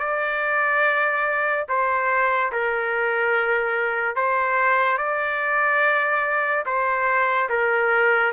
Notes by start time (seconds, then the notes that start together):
0.00 D5
1.69 C5
2.52 A#4
4.16 C5
4.98 D5
6.66 C5
7.50 A#4